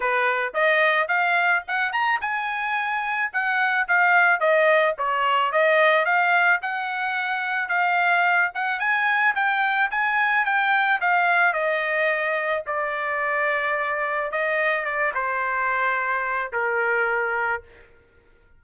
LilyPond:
\new Staff \with { instrumentName = "trumpet" } { \time 4/4 \tempo 4 = 109 b'4 dis''4 f''4 fis''8 ais''8 | gis''2 fis''4 f''4 | dis''4 cis''4 dis''4 f''4 | fis''2 f''4. fis''8 |
gis''4 g''4 gis''4 g''4 | f''4 dis''2 d''4~ | d''2 dis''4 d''8 c''8~ | c''2 ais'2 | }